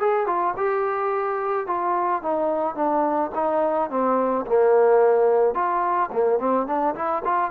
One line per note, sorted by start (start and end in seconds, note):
0.00 0.26 G#4
0.26 0.54 F4
0.57 1.67 G4
1.67 2.22 F4
2.22 2.75 D#4
2.75 3.31 D4
3.35 3.90 D#4
3.90 4.45 C4
4.46 5.54 A#3
5.54 6.10 F4
6.12 6.39 A#3
6.39 6.67 C4
6.67 6.95 D4
6.95 7.23 E4
7.25 7.51 F4